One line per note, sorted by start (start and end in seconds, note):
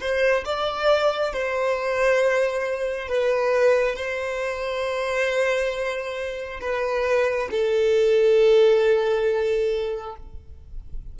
0.00 0.44 C5
0.45 1.33 D5
1.33 3.08 C5
3.08 3.95 B4
3.95 6.60 C5
6.61 7.49 B4
7.51 10.16 A4